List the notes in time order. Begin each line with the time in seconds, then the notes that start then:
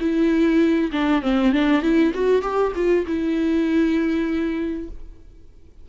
0.00 E4
0.92 D4
1.22 C4
1.52 D4
1.82 E4
2.14 F#4
2.42 G4
2.75 F4
3.07 E4